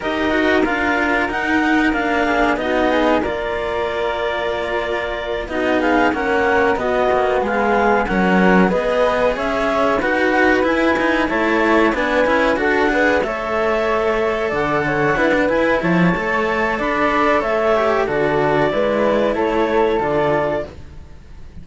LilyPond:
<<
  \new Staff \with { instrumentName = "clarinet" } { \time 4/4 \tempo 4 = 93 dis''4 f''4 fis''4 f''4 | dis''4 d''2.~ | d''8 dis''8 f''8 fis''4 dis''4 f''8~ | f''8 fis''4 dis''4 e''4 fis''8~ |
fis''8 gis''4 a''4 gis''4 fis''8~ | fis''8 e''2 fis''4. | gis''8 a''4. b''4 e''4 | d''2 cis''4 d''4 | }
  \new Staff \with { instrumentName = "flute" } { \time 4/4 ais'2.~ ais'8 gis'8 | fis'8 gis'8 ais'2.~ | ais'8 fis'8 gis'8 ais'4 fis'4 gis'8~ | gis'8 ais'4 b'4 cis''4 b'8~ |
b'4. cis''4 b'4 a'8 | b'8 cis''2 d''8 cis''8 b'8~ | b'8 cis''4. d''4 cis''4 | a'4 b'4 a'2 | }
  \new Staff \with { instrumentName = "cello" } { \time 4/4 g'8 fis'8 f'4 dis'4 d'4 | dis'4 f'2.~ | f'8 dis'4 cis'4 b4.~ | b8 cis'4 gis'2 fis'8~ |
fis'8 e'8 dis'8 e'4 d'8 e'8 fis'8 | gis'8 a'2. e'16 d'16 | e'4 a'2~ a'8 g'8 | fis'4 e'2 f'4 | }
  \new Staff \with { instrumentName = "cello" } { \time 4/4 dis'4 d'4 dis'4 ais4 | b4 ais2.~ | ais8 b4 ais4 b8 ais8 gis8~ | gis8 fis4 b4 cis'4 dis'8~ |
dis'8 e'4 a4 b8 cis'8 d'8~ | d'8 a2 d4 d'8 | e'8 f8 a4 d'4 a4 | d4 gis4 a4 d4 | }
>>